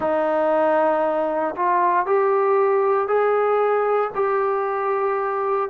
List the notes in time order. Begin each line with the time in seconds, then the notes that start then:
0.00 D#4
1.56 F4
2.05 G4
3.07 G#4
4.14 G4